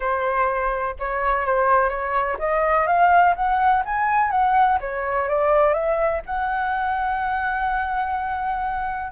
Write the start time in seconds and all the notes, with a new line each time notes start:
0.00 C5
0.99 C#5
1.46 C5
1.89 C#5
2.38 D#5
2.86 F5
3.35 F#5
3.85 G#5
4.30 F#5
4.80 C#5
5.28 D5
5.73 E5
6.26 F#5